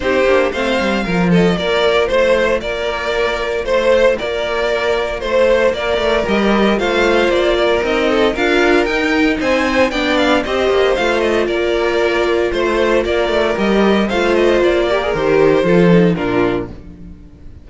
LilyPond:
<<
  \new Staff \with { instrumentName = "violin" } { \time 4/4 \tempo 4 = 115 c''4 f''4. dis''8 d''4 | c''4 d''2 c''4 | d''2 c''4 d''4 | dis''4 f''4 d''4 dis''4 |
f''4 g''4 gis''4 g''8 f''8 | dis''4 f''8 dis''8 d''2 | c''4 d''4 dis''4 f''8 dis''8 | d''4 c''2 ais'4 | }
  \new Staff \with { instrumentName = "violin" } { \time 4/4 g'4 c''4 ais'8 a'8 ais'4 | c''4 ais'2 c''4 | ais'2 c''4 ais'4~ | ais'4 c''4. ais'4 a'8 |
ais'2 c''4 d''4 | c''2 ais'2 | c''4 ais'2 c''4~ | c''8 ais'4. a'4 f'4 | }
  \new Staff \with { instrumentName = "viola" } { \time 4/4 dis'8 d'8 c'4 f'2~ | f'1~ | f'1 | g'4 f'2 dis'4 |
f'4 dis'2 d'4 | g'4 f'2.~ | f'2 g'4 f'4~ | f'8 g'16 gis'16 g'4 f'8 dis'8 d'4 | }
  \new Staff \with { instrumentName = "cello" } { \time 4/4 c'8 ais8 a8 g8 f4 ais4 | a4 ais2 a4 | ais2 a4 ais8 a8 | g4 a4 ais4 c'4 |
d'4 dis'4 c'4 b4 | c'8 ais8 a4 ais2 | a4 ais8 a8 g4 a4 | ais4 dis4 f4 ais,4 | }
>>